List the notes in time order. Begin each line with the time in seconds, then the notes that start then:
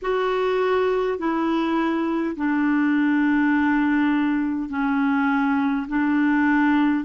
0.02 F#4
1.18 E4
2.36 D4
4.69 C#4
5.88 D4